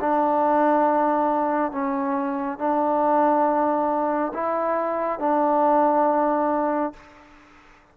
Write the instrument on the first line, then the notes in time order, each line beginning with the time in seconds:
trombone
0.00 D4
1.72 C#4
2.58 D4
4.33 E4
5.19 D4